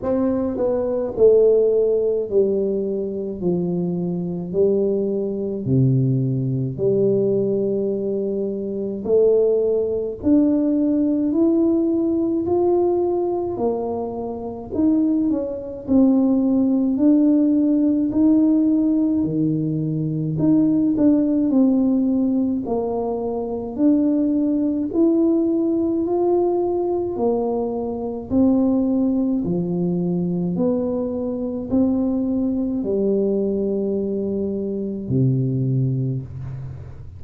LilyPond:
\new Staff \with { instrumentName = "tuba" } { \time 4/4 \tempo 4 = 53 c'8 b8 a4 g4 f4 | g4 c4 g2 | a4 d'4 e'4 f'4 | ais4 dis'8 cis'8 c'4 d'4 |
dis'4 dis4 dis'8 d'8 c'4 | ais4 d'4 e'4 f'4 | ais4 c'4 f4 b4 | c'4 g2 c4 | }